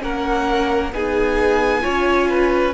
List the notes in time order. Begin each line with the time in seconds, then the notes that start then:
0.00 A#3 C#4 A#4 F#5
0.93 B3 D#4 G#4 G#5
1.82 C#4 F4 C#5
2.30 B4